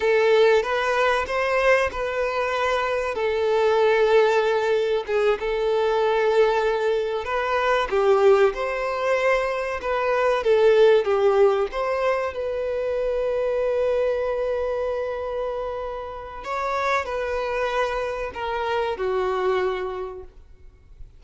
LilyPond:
\new Staff \with { instrumentName = "violin" } { \time 4/4 \tempo 4 = 95 a'4 b'4 c''4 b'4~ | b'4 a'2. | gis'8 a'2. b'8~ | b'8 g'4 c''2 b'8~ |
b'8 a'4 g'4 c''4 b'8~ | b'1~ | b'2 cis''4 b'4~ | b'4 ais'4 fis'2 | }